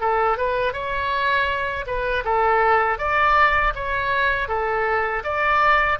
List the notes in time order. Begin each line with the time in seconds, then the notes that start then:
0.00 A4
0.37 B4
0.73 C#5
1.86 B4
2.24 A4
2.98 D5
3.75 C#5
4.48 A4
5.23 D5